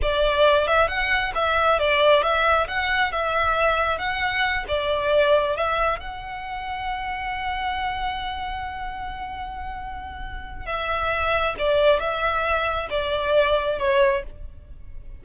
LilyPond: \new Staff \with { instrumentName = "violin" } { \time 4/4 \tempo 4 = 135 d''4. e''8 fis''4 e''4 | d''4 e''4 fis''4 e''4~ | e''4 fis''4. d''4.~ | d''8 e''4 fis''2~ fis''8~ |
fis''1~ | fis''1 | e''2 d''4 e''4~ | e''4 d''2 cis''4 | }